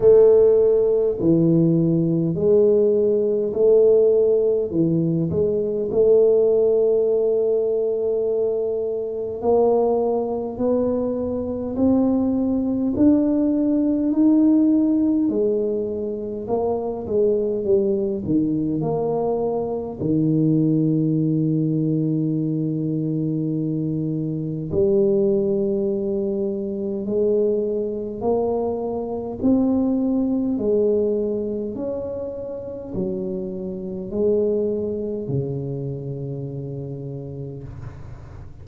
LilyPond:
\new Staff \with { instrumentName = "tuba" } { \time 4/4 \tempo 4 = 51 a4 e4 gis4 a4 | e8 gis8 a2. | ais4 b4 c'4 d'4 | dis'4 gis4 ais8 gis8 g8 dis8 |
ais4 dis2.~ | dis4 g2 gis4 | ais4 c'4 gis4 cis'4 | fis4 gis4 cis2 | }